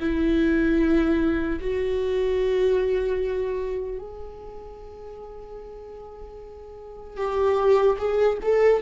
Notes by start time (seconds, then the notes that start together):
0.00 E4
1.61 F#4
3.99 G#4
7.17 G4
7.98 G#4
8.42 A4